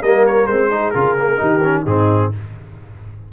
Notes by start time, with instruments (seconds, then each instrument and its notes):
0.00 tuba G3, trombone A#3, horn A#4, trumpet D#5
0.27 trumpet C#5
0.46 tuba G#3, trombone C4, trumpet C5
0.70 trombone D#4, horn G#4
0.90 tuba C#3, trombone F4, trumpet A#4
1.18 trombone A#3
1.37 tuba D#3, trombone D#4, horn G4
1.63 trombone C#4
1.82 tuba G#2, trombone C4, horn D#4, trumpet G#4